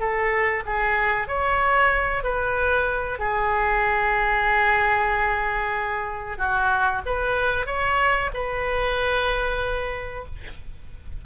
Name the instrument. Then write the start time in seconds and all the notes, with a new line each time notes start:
oboe
0.00 A4
0.66 G#4
1.28 C#5
2.24 B4
3.19 G#4
6.38 F#4
7.06 B4
7.67 C#5
8.34 B4